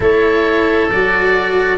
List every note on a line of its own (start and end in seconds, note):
0.00 0.89 A3
0.00 0.90 E4
0.00 1.77 A4
0.00 0.90 C#5
0.90 1.77 F#3
0.90 1.77 F#4
0.90 1.77 D5